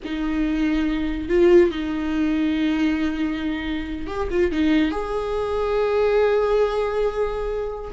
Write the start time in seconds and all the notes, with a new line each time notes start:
0.04 D#4
1.29 F4
1.70 D#4
4.06 G4
4.30 F4
4.51 D#4
4.91 G#4